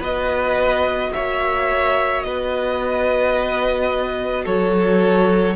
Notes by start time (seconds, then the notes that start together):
0.00 B3 F#4 B4 D#5
1.14 A#3 C#5 E5
2.23 B3 B4 D#5
4.44 F#3 A4 C#5